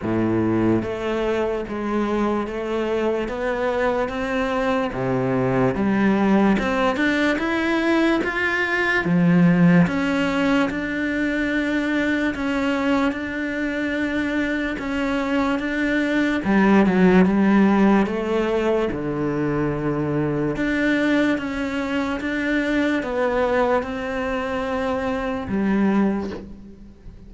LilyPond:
\new Staff \with { instrumentName = "cello" } { \time 4/4 \tempo 4 = 73 a,4 a4 gis4 a4 | b4 c'4 c4 g4 | c'8 d'8 e'4 f'4 f4 | cis'4 d'2 cis'4 |
d'2 cis'4 d'4 | g8 fis8 g4 a4 d4~ | d4 d'4 cis'4 d'4 | b4 c'2 g4 | }